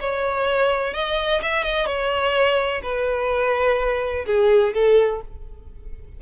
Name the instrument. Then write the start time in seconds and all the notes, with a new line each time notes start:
violin
0.00 C#5
0.93 D#5
1.42 E5
1.63 D#5
1.86 C#5
2.82 B4
4.26 G#4
4.73 A4